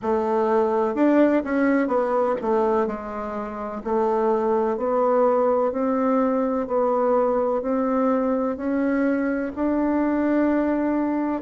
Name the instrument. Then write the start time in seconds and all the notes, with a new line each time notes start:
bassoon
0.02 A3
0.94 D4
1.44 C#4
1.87 B3
2.41 A3
2.86 G#3
3.84 A3
4.77 B3
5.71 C4
6.67 B3
7.62 C4
8.57 C#4
9.55 D4